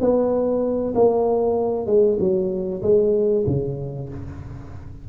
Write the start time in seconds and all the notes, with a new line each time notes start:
0.00 B3
0.95 A#3
1.86 G#3
2.19 F#3
2.82 G#3
3.46 C#3